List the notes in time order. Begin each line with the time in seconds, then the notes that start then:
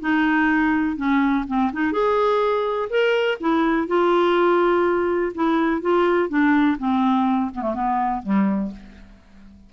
0.00 D#4
0.97 C#4
1.47 C4
1.73 D#4
1.92 G#4
2.90 A#4
3.40 E4
3.88 F4
5.35 E4
5.82 F4
6.29 D4
6.79 C4
7.55 B3
7.62 A3
7.74 B3
8.23 G3